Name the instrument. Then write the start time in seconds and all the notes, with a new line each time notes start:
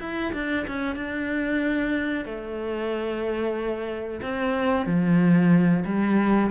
cello
0.00 E4
0.33 D4
0.67 C#4
0.95 D4
2.25 A3
4.22 C4
4.86 F3
5.85 G3